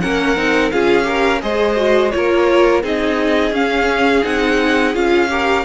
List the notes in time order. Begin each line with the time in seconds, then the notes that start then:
0.00 A#3 C#4 A#4 F#5
0.36 C4 D#4
0.71 C#4 F4 G#4 F5
1.03 G4 A#4
1.41 G#3 G#4 C5 D#5
1.76 F#4
2.11 A#3 F4 C#5
2.17 A#4
2.83 C4 D#4 G#4 D#5
3.52 C#4 F5
4.23 C4 D#4 F#5
4.94 C#4 F4 F5
5.30 G4 A#4